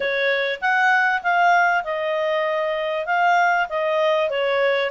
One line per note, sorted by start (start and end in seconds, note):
0.00 0.59 C#5
0.61 1.22 F#5
1.22 1.84 F5
1.84 3.06 D#5
3.06 3.67 F5
3.69 4.30 D#5
4.30 4.90 C#5